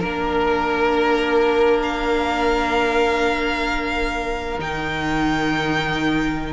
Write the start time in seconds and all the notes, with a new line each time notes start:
0.00 A#3 D4 A#4
1.83 F5
4.59 D#3 D#4 G5